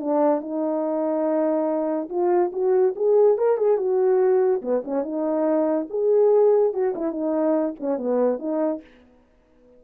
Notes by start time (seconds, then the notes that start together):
0.00 D4
0.41 D#4
2.09 F4
2.53 F#4
2.96 G#4
3.38 A#4
3.57 G#4
3.78 F#4
4.62 B3
4.85 C#4
5.03 D#4
5.90 G#4
6.73 F#4
6.95 E4
7.11 D#4
7.80 C#4
7.98 B3
8.39 D#4